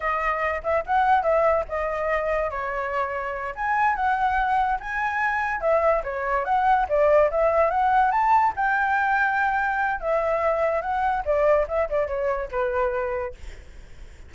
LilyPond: \new Staff \with { instrumentName = "flute" } { \time 4/4 \tempo 4 = 144 dis''4. e''8 fis''4 e''4 | dis''2 cis''2~ | cis''8 gis''4 fis''2 gis''8~ | gis''4. e''4 cis''4 fis''8~ |
fis''8 d''4 e''4 fis''4 a''8~ | a''8 g''2.~ g''8 | e''2 fis''4 d''4 | e''8 d''8 cis''4 b'2 | }